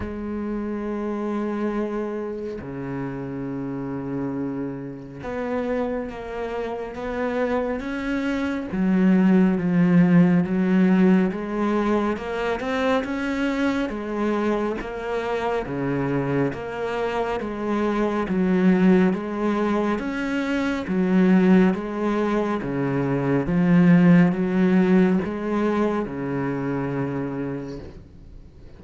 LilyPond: \new Staff \with { instrumentName = "cello" } { \time 4/4 \tempo 4 = 69 gis2. cis4~ | cis2 b4 ais4 | b4 cis'4 fis4 f4 | fis4 gis4 ais8 c'8 cis'4 |
gis4 ais4 cis4 ais4 | gis4 fis4 gis4 cis'4 | fis4 gis4 cis4 f4 | fis4 gis4 cis2 | }